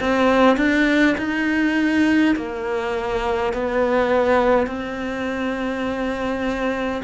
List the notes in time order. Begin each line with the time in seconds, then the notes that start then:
0.00 C4
0.57 D4
1.18 D#4
2.36 A#3
3.53 B3
4.67 C4